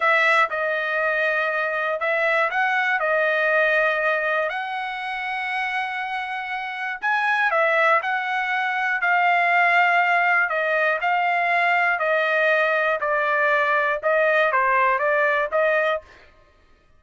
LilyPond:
\new Staff \with { instrumentName = "trumpet" } { \time 4/4 \tempo 4 = 120 e''4 dis''2. | e''4 fis''4 dis''2~ | dis''4 fis''2.~ | fis''2 gis''4 e''4 |
fis''2 f''2~ | f''4 dis''4 f''2 | dis''2 d''2 | dis''4 c''4 d''4 dis''4 | }